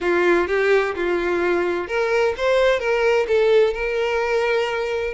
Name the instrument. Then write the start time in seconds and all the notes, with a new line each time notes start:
violin
0.00 F4
0.47 G4
0.95 F4
1.87 A#4
2.37 C5
2.79 A#4
3.27 A4
3.73 A#4